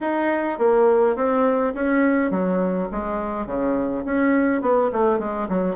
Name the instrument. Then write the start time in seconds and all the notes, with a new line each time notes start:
bassoon
0.00 D#4
0.58 A#3
1.15 C4
1.74 C#4
2.31 F#3
2.91 G#3
3.46 C#3
4.05 C#4
4.61 B3
4.92 A3
5.19 G#3
5.48 F#3